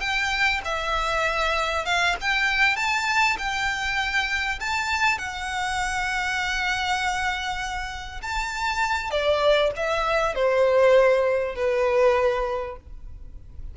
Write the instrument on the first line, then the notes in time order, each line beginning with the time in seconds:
violin
0.00 G5
0.64 E5
1.85 F5
2.21 G5
2.76 A5
3.38 G5
4.60 A5
5.18 F#5
8.22 A5
9.10 D5
9.76 E5
10.35 C5
11.55 B4